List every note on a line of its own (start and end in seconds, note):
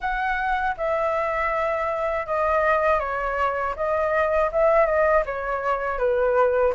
0.00 0.75 F#5
0.77 2.26 E5
2.26 2.99 D#5
2.99 3.74 C#5
3.75 4.50 D#5
4.52 4.86 E5
4.86 5.23 D#5
5.25 5.98 C#5
5.98 6.73 B4